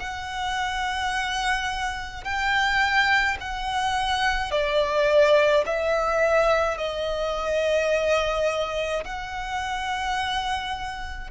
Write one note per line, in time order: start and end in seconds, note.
0.00 2.24 F#5
2.24 3.38 G5
3.41 4.52 F#5
4.52 5.65 D5
5.67 6.78 E5
6.78 9.05 D#5
9.05 11.31 F#5